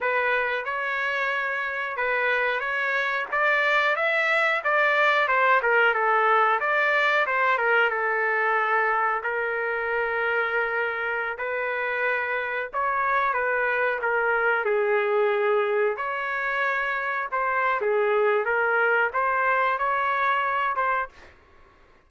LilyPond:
\new Staff \with { instrumentName = "trumpet" } { \time 4/4 \tempo 4 = 91 b'4 cis''2 b'4 | cis''4 d''4 e''4 d''4 | c''8 ais'8 a'4 d''4 c''8 ais'8 | a'2 ais'2~ |
ais'4~ ais'16 b'2 cis''8.~ | cis''16 b'4 ais'4 gis'4.~ gis'16~ | gis'16 cis''2 c''8. gis'4 | ais'4 c''4 cis''4. c''8 | }